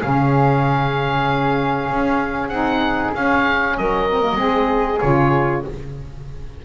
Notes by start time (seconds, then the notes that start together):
0.00 C#3 C#4 G#4 F5
1.90 C#4
2.48 C4 D#4 F#5
3.14 C#4 F5
3.77 F#3 A#4 D#5
4.10 C4
4.20 A#3
4.35 G#3 C4 G#4
4.99 C#3 F4 C#5